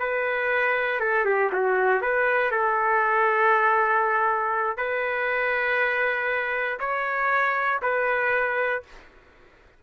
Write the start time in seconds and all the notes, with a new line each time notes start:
0.00 B4
1.00 A4
1.26 G4
1.53 F#4
2.02 B4
2.52 A4
4.78 B4
6.80 C#5
7.83 B4